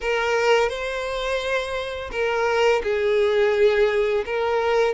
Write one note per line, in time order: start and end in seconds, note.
0.00 0.69 A#4
0.69 2.10 C5
2.11 2.82 A#4
2.83 4.24 G#4
4.25 4.94 A#4